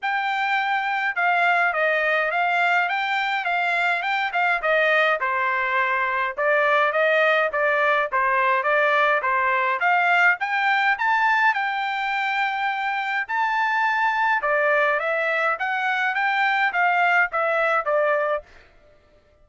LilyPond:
\new Staff \with { instrumentName = "trumpet" } { \time 4/4 \tempo 4 = 104 g''2 f''4 dis''4 | f''4 g''4 f''4 g''8 f''8 | dis''4 c''2 d''4 | dis''4 d''4 c''4 d''4 |
c''4 f''4 g''4 a''4 | g''2. a''4~ | a''4 d''4 e''4 fis''4 | g''4 f''4 e''4 d''4 | }